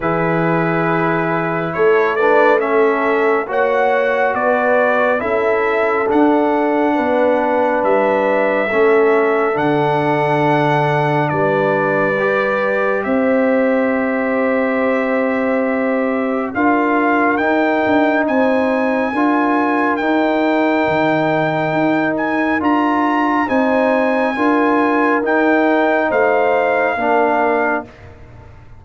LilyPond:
<<
  \new Staff \with { instrumentName = "trumpet" } { \time 4/4 \tempo 4 = 69 b'2 cis''8 d''8 e''4 | fis''4 d''4 e''4 fis''4~ | fis''4 e''2 fis''4~ | fis''4 d''2 e''4~ |
e''2. f''4 | g''4 gis''2 g''4~ | g''4. gis''8 ais''4 gis''4~ | gis''4 g''4 f''2 | }
  \new Staff \with { instrumentName = "horn" } { \time 4/4 gis'2 a'8 b'8 a'4 | cis''4 b'4 a'2 | b'2 a'2~ | a'4 b'2 c''4~ |
c''2. ais'4~ | ais'4 c''4 ais'2~ | ais'2. c''4 | ais'2 c''4 ais'4 | }
  \new Staff \with { instrumentName = "trombone" } { \time 4/4 e'2~ e'8 d'8 cis'4 | fis'2 e'4 d'4~ | d'2 cis'4 d'4~ | d'2 g'2~ |
g'2. f'4 | dis'2 f'4 dis'4~ | dis'2 f'4 dis'4 | f'4 dis'2 d'4 | }
  \new Staff \with { instrumentName = "tuba" } { \time 4/4 e2 a2 | ais4 b4 cis'4 d'4 | b4 g4 a4 d4~ | d4 g2 c'4~ |
c'2. d'4 | dis'8 d'8 c'4 d'4 dis'4 | dis4 dis'4 d'4 c'4 | d'4 dis'4 a4 ais4 | }
>>